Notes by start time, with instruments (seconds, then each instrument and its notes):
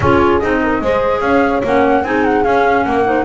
0.00 double bass C#4, clarinet F4, horn G#4, flute C#5
0.39 double bass C4, clarinet D#4, flute D#5
0.62 horn A#4
0.81 double bass G#3, clarinet G#4, horn C5
1.20 double bass C#4, horn C#5, flute F5
1.63 double bass A#3, clarinet C#4, flute F#5
2.03 double bass C4, clarinet D#4, horn G#4, flute G#5
2.24 flute F#5
2.43 double bass C#4, clarinet C#4, flute F5
2.84 double bass A#3, horn A#4, flute F#5
3.05 clarinet D#4, horn C5